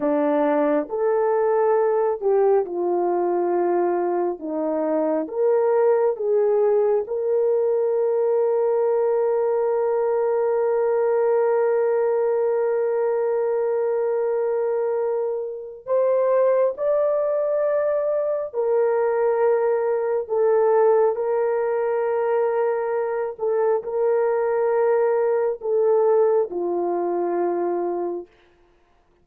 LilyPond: \new Staff \with { instrumentName = "horn" } { \time 4/4 \tempo 4 = 68 d'4 a'4. g'8 f'4~ | f'4 dis'4 ais'4 gis'4 | ais'1~ | ais'1~ |
ais'2 c''4 d''4~ | d''4 ais'2 a'4 | ais'2~ ais'8 a'8 ais'4~ | ais'4 a'4 f'2 | }